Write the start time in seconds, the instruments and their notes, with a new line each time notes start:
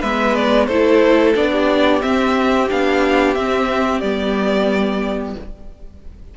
0.00 cello G#3, viola B3, violin B4 E5
0.35 violin D5
0.67 cello A3, viola E4, violin A4 C5
1.35 cello B3, viola D4, violin D5
1.51 violin G4
2.01 viola C4, cello C4, violin E5
2.70 cello B3, viola D4, violin F5
3.34 cello C4, viola C4, violin E5
4.00 cello G3, viola B3, violin D5